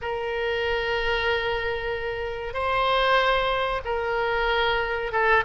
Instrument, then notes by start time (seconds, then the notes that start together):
oboe
0.01 A#4
2.53 C5
3.84 A#4
5.12 A4